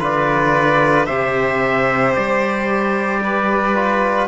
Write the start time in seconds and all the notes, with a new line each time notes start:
0.00 D3 F4 B4 D5
1.06 C3 G4 C5 E5
2.15 G3 D5
3.24 B4
3.75 F4